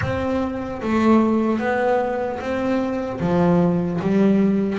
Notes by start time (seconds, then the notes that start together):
0.01 C4
0.81 A3
1.59 B3
2.40 C4
3.20 F3
4.01 G3